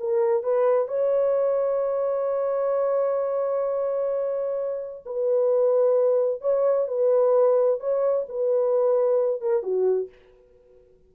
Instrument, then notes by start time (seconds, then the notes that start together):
horn
0.00 A#4
0.44 B4
0.89 C#5
5.06 B4
6.42 C#5
6.88 B4
7.81 C#5
8.29 B4
9.42 A#4
9.63 F#4